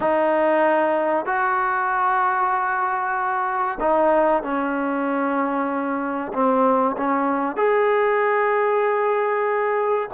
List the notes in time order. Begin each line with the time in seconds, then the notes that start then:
0.00 D#4
1.25 F#4
3.80 D#4
4.42 C#4
6.33 C4
6.97 C#4
7.56 G#4